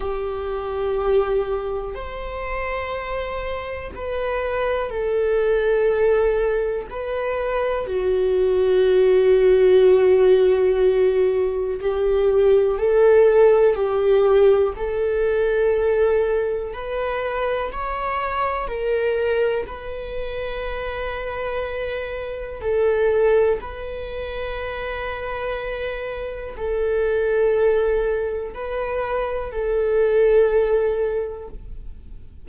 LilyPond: \new Staff \with { instrumentName = "viola" } { \time 4/4 \tempo 4 = 61 g'2 c''2 | b'4 a'2 b'4 | fis'1 | g'4 a'4 g'4 a'4~ |
a'4 b'4 cis''4 ais'4 | b'2. a'4 | b'2. a'4~ | a'4 b'4 a'2 | }